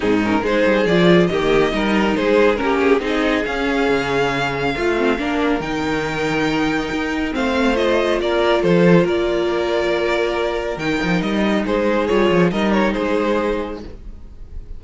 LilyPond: <<
  \new Staff \with { instrumentName = "violin" } { \time 4/4 \tempo 4 = 139 gis'8 ais'8 c''4 d''4 dis''4~ | dis''4 c''4 ais'8 gis'8 dis''4 | f''1~ | f''4 g''2.~ |
g''4 f''4 dis''4 d''4 | c''4 d''2.~ | d''4 g''4 dis''4 c''4 | cis''4 dis''8 cis''8 c''2 | }
  \new Staff \with { instrumentName = "violin" } { \time 4/4 dis'4 gis'2 g'4 | ais'4 gis'4 g'4 gis'4~ | gis'2. f'4 | ais'1~ |
ais'4 c''2 ais'4 | a'4 ais'2.~ | ais'2. gis'4~ | gis'4 ais'4 gis'2 | }
  \new Staff \with { instrumentName = "viola" } { \time 4/4 c'8 cis'8 dis'4 f'4 ais4 | dis'2 cis'4 dis'4 | cis'2. f'8 c'8 | d'4 dis'2.~ |
dis'4 c'4 f'2~ | f'1~ | f'4 dis'2. | f'4 dis'2. | }
  \new Staff \with { instrumentName = "cello" } { \time 4/4 gis,4 gis8 g8 f4 dis4 | g4 gis4 ais4 c'4 | cis'4 cis2 a4 | ais4 dis2. |
dis'4 a2 ais4 | f4 ais2.~ | ais4 dis8 f8 g4 gis4 | g8 f8 g4 gis2 | }
>>